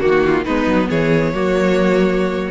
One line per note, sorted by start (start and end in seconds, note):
0.00 0.46 D#3
0.00 0.44 A#3
0.00 0.44 F#4
0.00 0.23 F#4
0.26 0.45 F4
0.45 0.67 G#3
0.45 1.34 B3
0.45 0.89 D#4
0.45 0.89 B4
0.67 0.88 F#3
0.89 1.33 E3
0.89 1.33 G#4
0.89 2.51 C#5
1.33 2.51 F#3
1.33 2.51 A#3
1.33 2.51 F#4